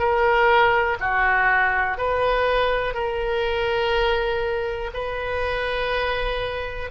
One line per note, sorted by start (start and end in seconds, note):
0.00 0.98 A#4
1.01 1.98 F#4
1.98 2.95 B4
2.95 4.91 A#4
4.94 6.91 B4